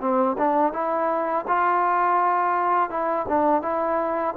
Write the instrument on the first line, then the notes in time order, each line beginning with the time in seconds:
trombone
0.00 C4
0.38 D4
0.73 E4
1.48 F4
2.89 E4
3.28 D4
3.62 E4